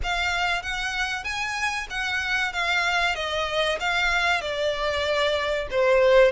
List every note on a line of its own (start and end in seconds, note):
0.03 0.62 F5
0.62 1.24 F#5
1.24 1.87 G#5
1.90 2.53 F#5
2.53 3.15 F5
3.15 3.78 D#5
3.80 4.41 F5
4.41 5.67 D5
5.70 6.31 C5